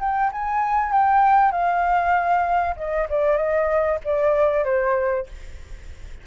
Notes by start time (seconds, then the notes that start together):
0.00 G5
0.32 G#5
0.93 G5
1.52 F5
2.77 D#5
3.09 D5
3.37 D#5
4.05 D5
4.65 C5